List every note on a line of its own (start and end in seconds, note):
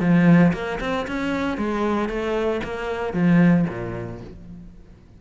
0.00 0.52 F3
0.53 0.79 A#3
0.80 1.06 C4
1.07 1.57 C#4
1.57 2.09 G#3
2.09 2.61 A3
2.64 3.13 A#3
3.13 3.65 F3
3.69 4.21 A#2